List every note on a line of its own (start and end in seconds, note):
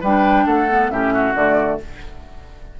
0.00 0.46 G3
0.00 0.68 D4
0.00 0.44 B4
0.00 0.46 G5
0.46 0.90 A3
0.46 0.90 A4
0.46 0.90 F#5
0.68 0.90 B3
0.90 1.34 A2
0.90 1.35 C#4
0.90 1.13 G4
0.90 1.35 E5
1.13 1.80 F#4
1.35 1.79 D3
1.35 1.79 A3
1.35 1.80 D5